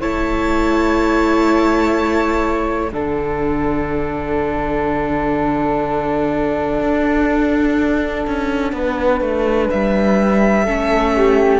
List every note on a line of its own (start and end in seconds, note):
0.00 2.92 A3
0.00 2.90 E4
0.00 2.90 C#5
0.00 2.91 A5
2.91 6.80 D3
2.91 10.66 D4
2.91 8.73 A4
2.91 9.68 F#5
6.80 8.25 D4
8.26 8.72 C#4
8.72 9.20 B3
8.72 10.64 B4
9.20 9.69 A3
9.70 10.67 G3
9.70 11.60 E5
10.64 11.60 A3
10.64 11.60 C#4
10.64 11.12 A4
11.15 11.60 G4